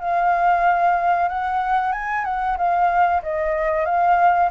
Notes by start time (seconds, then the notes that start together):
0.00 F5
1.28 F#5
1.92 G#5
2.25 F#5
2.57 F5
3.23 D#5
3.85 F5